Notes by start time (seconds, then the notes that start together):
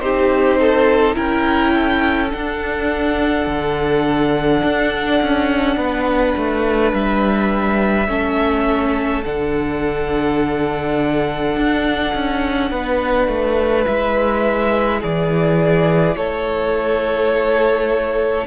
0.00 C4 D#4 G4 C5
0.61 A4
1.15 C#4 E4 A#4 G5
1.74 A4
2.30 D4 F#5
3.47 D3
4.64 D4
5.22 C#4
5.77 B3 B4
6.37 A3
6.93 G3 E5
8.08 A3 C#4 A4
9.25 D3 D4 F#5
11.56 D4
12.14 C#4
12.71 B3 B4
13.28 A3
13.86 G#3 E4 E5
15.00 E3 G#4 D5
16.16 A3 A4 C#5